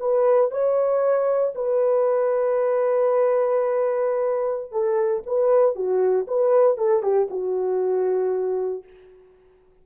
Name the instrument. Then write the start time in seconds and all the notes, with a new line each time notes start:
horn
0.00 B4
0.51 C#5
1.55 B4
4.72 A4
5.26 B4
5.76 F#4
6.28 B4
6.78 A4
7.03 G4
7.30 F#4